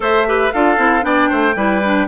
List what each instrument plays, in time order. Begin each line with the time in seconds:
0.00 bassoon A3, clarinet A4, oboe C5, flute E5
0.27 clarinet G4, oboe B4
0.52 bassoon D4, clarinet F4, oboe A4, flute F5
0.77 bassoon C4, clarinet E4
1.01 bassoon B3, clarinet D4, oboe D5, flute G5
1.29 bassoon A3, oboe C5
1.55 bassoon G3, clarinet E4, oboe B4
1.84 clarinet D4